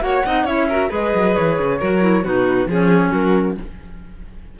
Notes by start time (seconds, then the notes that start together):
0.00 A#3 F#4 C#5 F#5
0.25 C4 D#4 D#5
0.44 C#4 E4 C#5 E5
0.69 F#4 A#4
0.89 G#3 G#4 B4 D#5
1.15 F#3
1.36 E3 C#5
1.59 C#3
1.79 F#3 F#4 A#4
2.01 E4
2.24 B2 D#4 F#4 B4
2.66 F3 C#4 G#4
2.73 C#5
3.11 F#3 F#4 A#4